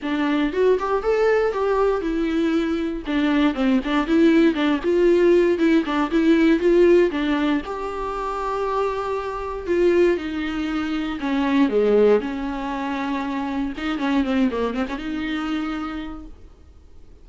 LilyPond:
\new Staff \with { instrumentName = "viola" } { \time 4/4 \tempo 4 = 118 d'4 fis'8 g'8 a'4 g'4 | e'2 d'4 c'8 d'8 | e'4 d'8 f'4. e'8 d'8 | e'4 f'4 d'4 g'4~ |
g'2. f'4 | dis'2 cis'4 gis4 | cis'2. dis'8 cis'8 | c'8 ais8 c'16 cis'16 dis'2~ dis'8 | }